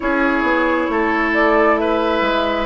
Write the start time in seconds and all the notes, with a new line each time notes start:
0.00 C#4 E4 G#4 C#5
0.43 B3
0.89 A3 A4
1.33 D5
1.77 B4 E5
2.21 G#3